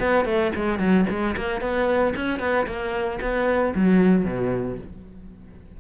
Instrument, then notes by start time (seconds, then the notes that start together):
cello
0.00 B3
0.25 A3
0.56 G#3
0.79 F#3
1.10 G#3
1.37 A#3
1.61 B3
2.16 C#4
2.40 B3
2.67 A#3
3.21 B3
3.75 F#3
4.25 B2